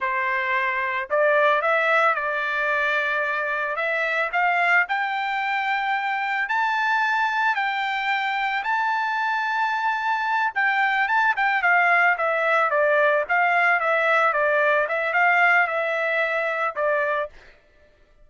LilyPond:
\new Staff \with { instrumentName = "trumpet" } { \time 4/4 \tempo 4 = 111 c''2 d''4 e''4 | d''2. e''4 | f''4 g''2. | a''2 g''2 |
a''2.~ a''8 g''8~ | g''8 a''8 g''8 f''4 e''4 d''8~ | d''8 f''4 e''4 d''4 e''8 | f''4 e''2 d''4 | }